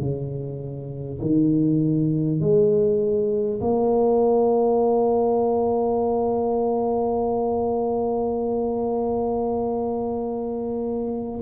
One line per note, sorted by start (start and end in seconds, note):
0.00 1.20 C#3
1.21 2.41 D#3
2.41 3.61 G#3
3.61 11.41 A#3